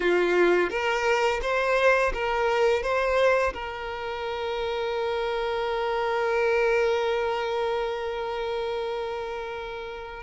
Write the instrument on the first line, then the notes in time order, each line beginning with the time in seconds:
violin
0.00 F4
0.70 A#4
1.41 C5
2.13 A#4
2.82 C5
3.53 A#4